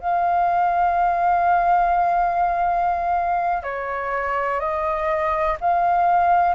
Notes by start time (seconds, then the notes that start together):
0.00 F5
3.63 C#5
4.60 D#5
5.60 F5